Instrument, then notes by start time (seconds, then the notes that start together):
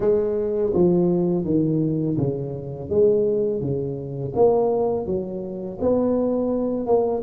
tuba
0.00 G#3
0.73 F3
1.44 D#3
2.17 C#3
2.89 G#3
3.60 C#3
4.35 A#3
5.06 F#3
5.80 B3
6.86 A#3